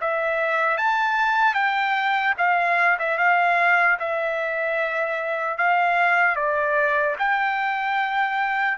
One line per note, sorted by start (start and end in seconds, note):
0.00 0.77 E5
0.77 1.54 A5
1.54 2.34 G5
2.37 2.97 F5
2.99 3.17 E5
3.17 3.97 F5
3.99 5.57 E5
5.57 6.36 F5
6.36 7.16 D5
7.19 8.77 G5